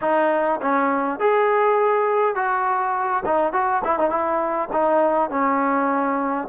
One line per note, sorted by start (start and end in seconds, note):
0.01 0.60 D#4
0.61 1.19 C#4
1.19 2.35 G#4
2.35 3.23 F#4
3.25 3.53 D#4
3.53 3.82 F#4
3.84 3.98 E4
3.98 4.10 D#4
4.10 4.68 E4
4.72 5.30 D#4
5.30 6.47 C#4